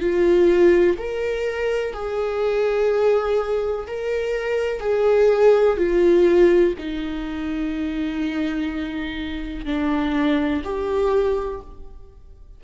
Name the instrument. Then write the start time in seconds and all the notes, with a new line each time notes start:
viola
0.00 F4
0.98 A#4
1.93 G#4
3.87 A#4
4.80 G#4
5.77 F4
6.78 D#4
9.65 D4
10.64 G4